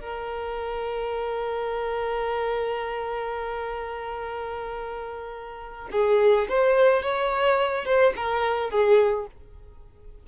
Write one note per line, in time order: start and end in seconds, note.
0.00 5.89 A#4
5.92 6.48 G#4
6.49 7.02 C5
7.02 7.85 C#5
7.85 8.13 C5
8.16 8.70 A#4
8.70 9.27 G#4